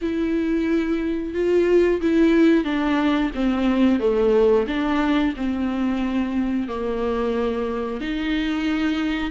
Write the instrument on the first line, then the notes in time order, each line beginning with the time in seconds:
viola
0.01 E4
1.34 F4
2.01 E4
2.64 D4
3.35 C4
3.99 A3
4.67 D4
5.36 C4
6.68 A#3
8.00 D#4